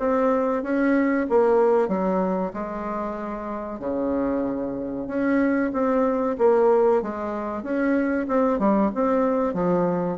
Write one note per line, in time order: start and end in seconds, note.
0.00 0.64 C4
0.64 1.27 C#4
1.30 1.89 A#3
1.89 2.53 F#3
2.54 3.80 G#3
3.80 5.08 C#3
5.08 5.72 C#4
5.73 6.37 C4
6.39 7.02 A#3
7.03 7.64 G#3
7.64 8.27 C#4
8.28 8.60 C4
8.60 8.92 G3
8.95 9.55 C4
9.55 10.18 F3